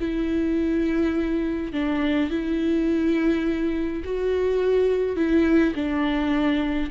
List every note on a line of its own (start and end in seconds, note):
0.00 1.73 E4
1.73 2.30 D4
2.30 4.03 E4
4.05 5.16 F#4
5.16 5.74 E4
5.75 6.90 D4